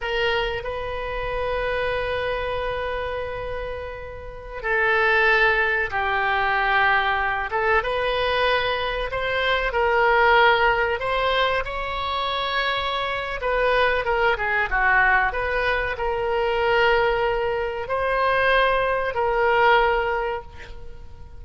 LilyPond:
\new Staff \with { instrumentName = "oboe" } { \time 4/4 \tempo 4 = 94 ais'4 b'2.~ | b'2.~ b'16 a'8.~ | a'4~ a'16 g'2~ g'8 a'16~ | a'16 b'2 c''4 ais'8.~ |
ais'4~ ais'16 c''4 cis''4.~ cis''16~ | cis''4 b'4 ais'8 gis'8 fis'4 | b'4 ais'2. | c''2 ais'2 | }